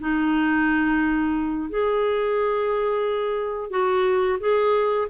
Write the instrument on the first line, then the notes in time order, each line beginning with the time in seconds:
clarinet
0.00 D#4
1.70 G#4
3.71 F#4
4.40 G#4